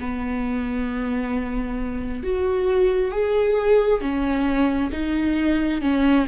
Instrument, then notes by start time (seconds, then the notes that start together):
viola
0.00 B3
2.23 F#4
3.11 G#4
4.01 C#4
4.92 D#4
5.82 C#4